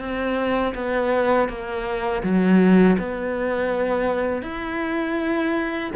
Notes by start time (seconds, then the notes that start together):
0.00 C4
0.75 B3
1.49 A#3
2.23 F#3
2.99 B3
4.42 E4